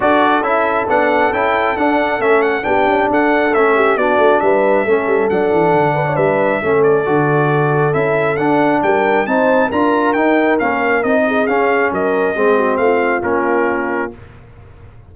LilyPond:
<<
  \new Staff \with { instrumentName = "trumpet" } { \time 4/4 \tempo 4 = 136 d''4 e''4 fis''4 g''4 | fis''4 e''8 fis''8 g''4 fis''4 | e''4 d''4 e''2 | fis''2 e''4. d''8~ |
d''2 e''4 fis''4 | g''4 a''4 ais''4 g''4 | f''4 dis''4 f''4 dis''4~ | dis''4 f''4 ais'2 | }
  \new Staff \with { instrumentName = "horn" } { \time 4/4 a'1~ | a'2 g'4 a'4~ | a'8 g'8 fis'4 b'4 a'4~ | a'4. b'16 cis''16 b'4 a'4~ |
a'1 | ais'4 c''4 ais'2~ | ais'4. gis'4. ais'4 | gis'8 fis'8 f'2. | }
  \new Staff \with { instrumentName = "trombone" } { \time 4/4 fis'4 e'4 d'4 e'4 | d'4 cis'4 d'2 | cis'4 d'2 cis'4 | d'2. cis'4 |
fis'2 e'4 d'4~ | d'4 dis'4 f'4 dis'4 | cis'4 dis'4 cis'2 | c'2 cis'2 | }
  \new Staff \with { instrumentName = "tuba" } { \time 4/4 d'4 cis'4 b4 cis'4 | d'4 a4 b8 cis'8 d'4 | a4 b8 a8 g4 a8 g8 | fis8 e8 d4 g4 a4 |
d2 cis'4 d'4 | g4 c'4 d'4 dis'4 | ais4 c'4 cis'4 fis4 | gis4 a4 ais2 | }
>>